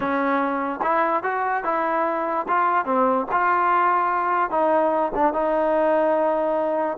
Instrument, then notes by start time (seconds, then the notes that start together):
trombone
0.00 C#4
0.82 E4
1.23 F#4
1.64 E4
2.48 F4
2.85 C4
3.31 F4
4.50 D#4
5.15 D4
5.33 D#4